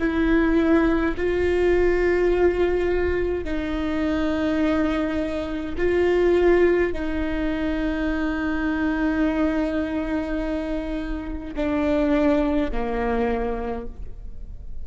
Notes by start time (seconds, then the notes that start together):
0.00 E4
1.17 F4
3.45 D#4
5.78 F4
6.93 D#4
11.56 D4
12.72 A#3